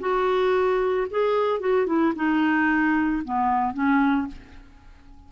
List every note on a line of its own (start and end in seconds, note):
0.00 1.07 F#4
1.11 1.60 G#4
1.60 1.86 F#4
1.86 2.13 E4
2.16 3.23 D#4
3.25 3.74 B3
3.74 4.27 C#4